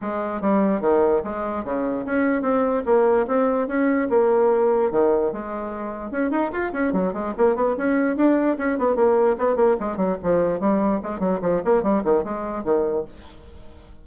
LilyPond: \new Staff \with { instrumentName = "bassoon" } { \time 4/4 \tempo 4 = 147 gis4 g4 dis4 gis4 | cis4 cis'4 c'4 ais4 | c'4 cis'4 ais2 | dis4 gis2 cis'8 dis'8 |
f'8 cis'8 fis8 gis8 ais8 b8 cis'4 | d'4 cis'8 b8 ais4 b8 ais8 | gis8 fis8 f4 g4 gis8 fis8 | f8 ais8 g8 dis8 gis4 dis4 | }